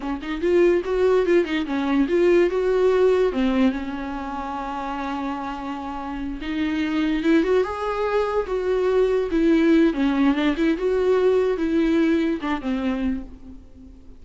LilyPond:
\new Staff \with { instrumentName = "viola" } { \time 4/4 \tempo 4 = 145 cis'8 dis'8 f'4 fis'4 f'8 dis'8 | cis'4 f'4 fis'2 | c'4 cis'2.~ | cis'2.~ cis'8 dis'8~ |
dis'4. e'8 fis'8 gis'4.~ | gis'8 fis'2 e'4. | cis'4 d'8 e'8 fis'2 | e'2 d'8 c'4. | }